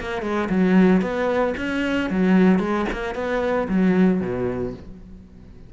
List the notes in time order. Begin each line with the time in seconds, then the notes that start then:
0.00 A#3
0.22 G#3
0.50 F#3
1.01 B3
1.57 C#4
2.10 F#3
2.59 G#3
2.92 A#3
3.15 B3
3.68 F#3
4.21 B2